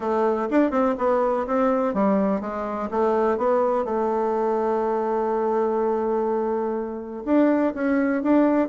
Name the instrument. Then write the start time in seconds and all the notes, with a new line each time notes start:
bassoon
0.00 A3
0.50 D4
0.70 C4
0.98 B3
1.46 C4
1.94 G3
2.40 G#3
2.90 A3
3.37 B3
3.84 A3
7.25 D4
7.74 C#4
8.22 D4